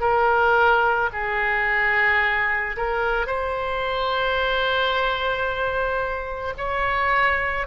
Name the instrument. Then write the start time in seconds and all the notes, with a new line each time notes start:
oboe
0.00 A#4
1.12 G#4
2.76 A#4
3.26 C5
6.57 C#5